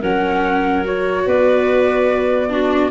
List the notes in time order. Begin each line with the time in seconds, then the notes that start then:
0.00 F#3 C#4 A#4 F#5
0.84 F#4 C#5
1.26 B3 B4 D5
2.49 D4 F#4